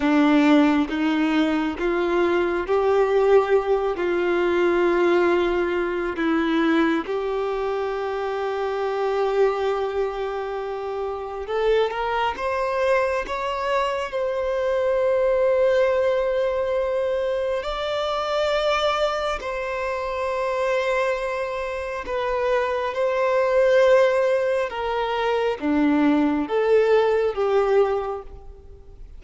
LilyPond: \new Staff \with { instrumentName = "violin" } { \time 4/4 \tempo 4 = 68 d'4 dis'4 f'4 g'4~ | g'8 f'2~ f'8 e'4 | g'1~ | g'4 a'8 ais'8 c''4 cis''4 |
c''1 | d''2 c''2~ | c''4 b'4 c''2 | ais'4 d'4 a'4 g'4 | }